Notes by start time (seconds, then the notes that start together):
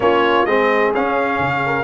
0.00 A#3 C#4 F4 C#5
0.45 G#3 C4 G#4 D#5
0.94 C#4 F5
1.39 C#3
1.66 A#4